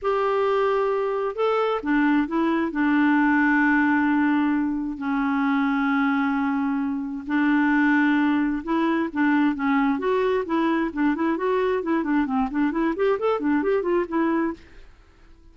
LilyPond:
\new Staff \with { instrumentName = "clarinet" } { \time 4/4 \tempo 4 = 132 g'2. a'4 | d'4 e'4 d'2~ | d'2. cis'4~ | cis'1 |
d'2. e'4 | d'4 cis'4 fis'4 e'4 | d'8 e'8 fis'4 e'8 d'8 c'8 d'8 | e'8 g'8 a'8 d'8 g'8 f'8 e'4 | }